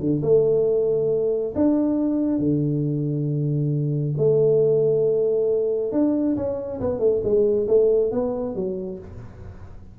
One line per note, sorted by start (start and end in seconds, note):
0.00 0.22 D3
0.22 1.54 A3
1.55 2.39 D4
2.39 4.14 D3
4.18 5.92 A3
5.92 6.36 D4
6.36 6.80 C#4
6.81 6.99 B3
6.99 7.21 A3
7.24 7.67 G#3
7.68 8.12 A3
8.12 8.55 B3
8.55 8.99 F#3